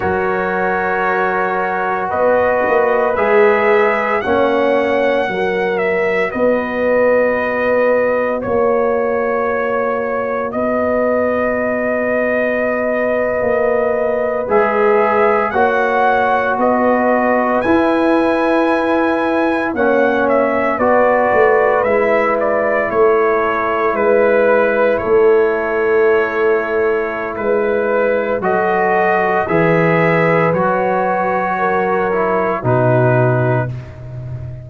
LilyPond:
<<
  \new Staff \with { instrumentName = "trumpet" } { \time 4/4 \tempo 4 = 57 cis''2 dis''4 e''4 | fis''4. e''8 dis''2 | cis''2 dis''2~ | dis''4.~ dis''16 e''4 fis''4 dis''16~ |
dis''8. gis''2 fis''8 e''8 d''16~ | d''8. e''8 d''8 cis''4 b'4 cis''16~ | cis''2 b'4 dis''4 | e''4 cis''2 b'4 | }
  \new Staff \with { instrumentName = "horn" } { \time 4/4 ais'2 b'2 | cis''4 ais'4 b'2 | cis''2 b'2~ | b'2~ b'8. cis''4 b'16~ |
b'2~ b'8. cis''4 b'16~ | b'4.~ b'16 a'4 b'4 a'16~ | a'2 b'4 a'4 | b'2 ais'4 fis'4 | }
  \new Staff \with { instrumentName = "trombone" } { \time 4/4 fis'2. gis'4 | cis'4 fis'2.~ | fis'1~ | fis'4.~ fis'16 gis'4 fis'4~ fis'16~ |
fis'8. e'2 cis'4 fis'16~ | fis'8. e'2.~ e'16~ | e'2. fis'4 | gis'4 fis'4. e'8 dis'4 | }
  \new Staff \with { instrumentName = "tuba" } { \time 4/4 fis2 b8 ais8 gis4 | ais4 fis4 b2 | ais2 b2~ | b8. ais4 gis4 ais4 b16~ |
b8. e'2 ais4 b16~ | b16 a8 gis4 a4 gis4 a16~ | a2 gis4 fis4 | e4 fis2 b,4 | }
>>